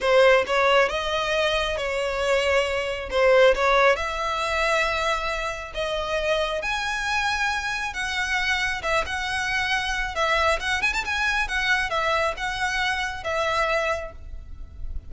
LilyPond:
\new Staff \with { instrumentName = "violin" } { \time 4/4 \tempo 4 = 136 c''4 cis''4 dis''2 | cis''2. c''4 | cis''4 e''2.~ | e''4 dis''2 gis''4~ |
gis''2 fis''2 | e''8 fis''2~ fis''8 e''4 | fis''8 gis''16 a''16 gis''4 fis''4 e''4 | fis''2 e''2 | }